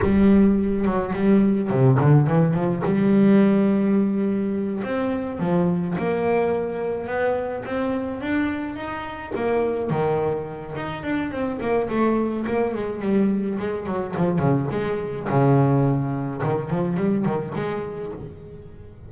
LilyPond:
\new Staff \with { instrumentName = "double bass" } { \time 4/4 \tempo 4 = 106 g4. fis8 g4 c8 d8 | e8 f8 g2.~ | g8 c'4 f4 ais4.~ | ais8 b4 c'4 d'4 dis'8~ |
dis'8 ais4 dis4. dis'8 d'8 | c'8 ais8 a4 ais8 gis8 g4 | gis8 fis8 f8 cis8 gis4 cis4~ | cis4 dis8 f8 g8 dis8 gis4 | }